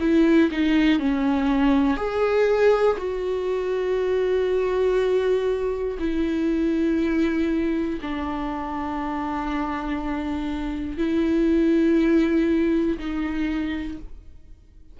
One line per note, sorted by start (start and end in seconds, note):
0.00 0.50 E4
0.51 0.99 D#4
0.99 1.96 C#4
1.96 2.96 G#4
2.97 5.97 F#4
5.99 7.99 E4
8.01 10.97 D4
10.97 12.97 E4
12.98 13.98 D#4